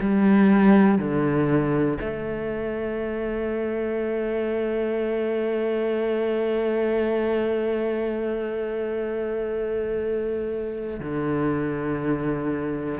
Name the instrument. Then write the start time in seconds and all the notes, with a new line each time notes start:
cello
0.00 G3
0.99 D3
2.01 A3
11.00 D3